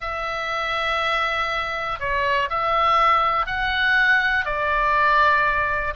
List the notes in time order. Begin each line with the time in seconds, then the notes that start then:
0.00 E5
1.99 C#5
2.49 E5
3.46 F#5
4.45 D5